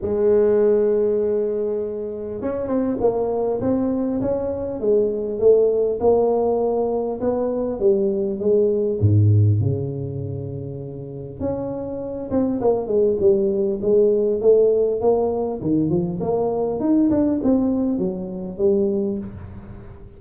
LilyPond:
\new Staff \with { instrumentName = "tuba" } { \time 4/4 \tempo 4 = 100 gis1 | cis'8 c'8 ais4 c'4 cis'4 | gis4 a4 ais2 | b4 g4 gis4 gis,4 |
cis2. cis'4~ | cis'8 c'8 ais8 gis8 g4 gis4 | a4 ais4 dis8 f8 ais4 | dis'8 d'8 c'4 fis4 g4 | }